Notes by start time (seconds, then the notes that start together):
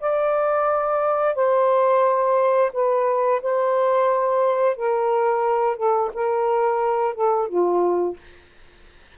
0.00 D5
1.35 C5
2.73 B4
3.42 C5
4.76 A#4
5.76 A4
6.14 A#4
7.14 A4
7.48 F4